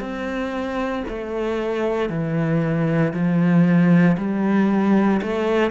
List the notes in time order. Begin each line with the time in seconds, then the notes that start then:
0.00 C4
1.08 A3
2.10 E3
3.13 F3
4.17 G3
5.22 A3